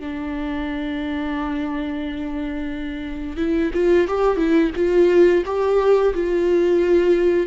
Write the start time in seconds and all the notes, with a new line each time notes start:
0.00 D4
3.37 E4
3.74 F4
4.08 G4
4.37 E4
4.76 F4
5.46 G4
6.14 F4